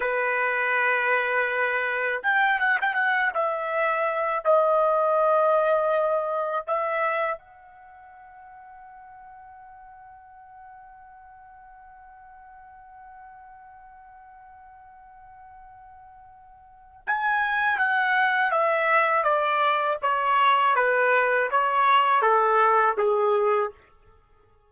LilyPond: \new Staff \with { instrumentName = "trumpet" } { \time 4/4 \tempo 4 = 81 b'2. g''8 fis''16 g''16 | fis''8 e''4. dis''2~ | dis''4 e''4 fis''2~ | fis''1~ |
fis''1~ | fis''2. gis''4 | fis''4 e''4 d''4 cis''4 | b'4 cis''4 a'4 gis'4 | }